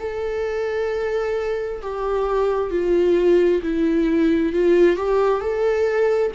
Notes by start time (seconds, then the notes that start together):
0.00 A4
1.82 G4
2.71 F4
3.62 E4
4.53 F4
4.97 G4
5.41 A4